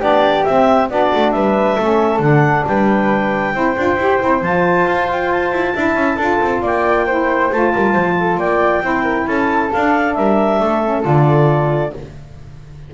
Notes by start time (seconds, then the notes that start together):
0.00 B3 D4 G4 D5
0.44 C4 E5
0.89 B3 D4 F#4 D5
1.15 A3
1.31 G3 B4 E5
1.76 A3 C#4 A4
2.19 D3 D4 F#5
2.67 G3 B4 G5
3.54 C4 E4 C5
3.77 D4 F4
3.96 E4 G4
4.20 C4 E4
4.42 F3 F4 A5
4.86 F4
5.10 G5
5.31 A5
5.52 E4
5.75 D4 E4 E5
5.95 C#4
6.16 D4 F4 A4
6.41 C4
6.62 A#3 D5 G5
7.06 E4 C5
7.52 A3 F4 A5
7.73 G3 A#4
7.93 F3 C5
8.20 A4
8.37 A#3 D5 G5
8.82 C4 E4 C5
9.03 A#4
9.26 C#4 A4 A5
9.72 D4 F5
10.14 G3 A#4 E5
10.60 A3 A4
10.84 C#4
11.02 D3 F4 D5